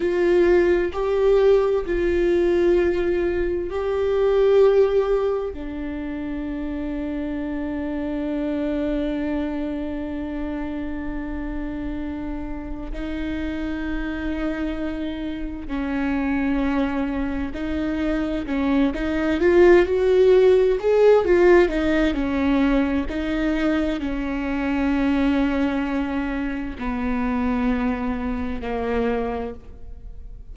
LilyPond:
\new Staff \with { instrumentName = "viola" } { \time 4/4 \tempo 4 = 65 f'4 g'4 f'2 | g'2 d'2~ | d'1~ | d'2 dis'2~ |
dis'4 cis'2 dis'4 | cis'8 dis'8 f'8 fis'4 gis'8 f'8 dis'8 | cis'4 dis'4 cis'2~ | cis'4 b2 ais4 | }